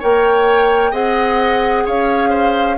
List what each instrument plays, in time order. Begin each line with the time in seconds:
0.00 bassoon A#3, clarinet A#4, oboe C#5, flute G5
0.91 bassoon C4, clarinet G#4, oboe D#5, flute F#5
1.86 bassoon C#4, oboe C#5, flute F5
2.30 oboe C5